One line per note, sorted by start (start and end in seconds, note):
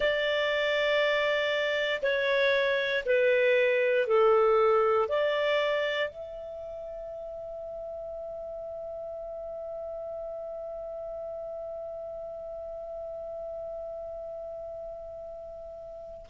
0.00 2.01 D5
2.02 3.04 C#5
3.05 4.07 B4
4.07 5.08 A4
5.08 6.09 D5
6.09 16.26 E5